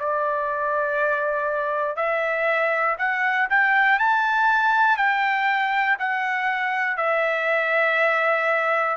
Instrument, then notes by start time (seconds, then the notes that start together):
trumpet
0.00 D5
1.96 E5
2.99 F#5
3.50 G5
4.00 A5
4.98 G5
5.99 F#5
6.97 E5